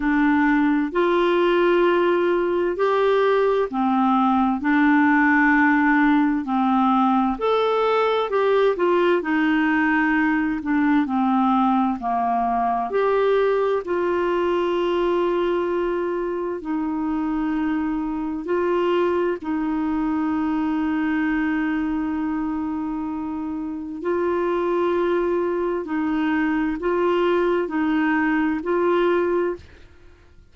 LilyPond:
\new Staff \with { instrumentName = "clarinet" } { \time 4/4 \tempo 4 = 65 d'4 f'2 g'4 | c'4 d'2 c'4 | a'4 g'8 f'8 dis'4. d'8 | c'4 ais4 g'4 f'4~ |
f'2 dis'2 | f'4 dis'2.~ | dis'2 f'2 | dis'4 f'4 dis'4 f'4 | }